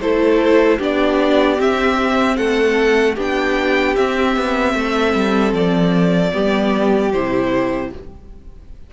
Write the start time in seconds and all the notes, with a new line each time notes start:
0.00 A3 E4 A4 C5
0.78 B3 D4 G4 D5
1.57 C4 E5
2.37 A3 A4 F#5
3.15 B3 D4 G4
3.22 G5
3.96 C4 E5
4.37 B3
4.74 A3 A4
5.14 G3
5.53 F3 D5
6.32 G3 B3 G4
7.12 C3 E4 C5